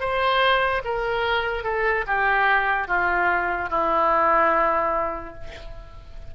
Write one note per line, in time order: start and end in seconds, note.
0.00 0.82 C5
0.85 1.64 A#4
1.64 2.05 A4
2.07 2.88 G4
2.88 3.69 F4
3.69 5.34 E4